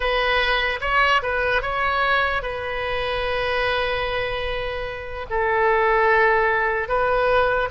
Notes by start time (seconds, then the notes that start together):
0.00 B4
0.81 C#5
1.22 B4
1.61 C#5
2.42 B4
5.30 A4
6.88 B4